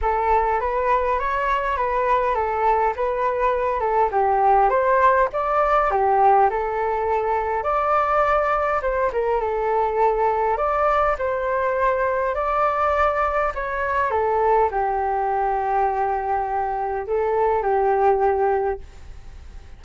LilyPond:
\new Staff \with { instrumentName = "flute" } { \time 4/4 \tempo 4 = 102 a'4 b'4 cis''4 b'4 | a'4 b'4. a'8 g'4 | c''4 d''4 g'4 a'4~ | a'4 d''2 c''8 ais'8 |
a'2 d''4 c''4~ | c''4 d''2 cis''4 | a'4 g'2.~ | g'4 a'4 g'2 | }